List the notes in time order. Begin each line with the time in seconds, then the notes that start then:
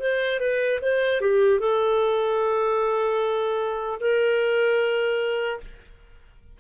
0.00 C5
0.40 B4
0.82 C5
1.21 G4
1.60 A4
4.00 A#4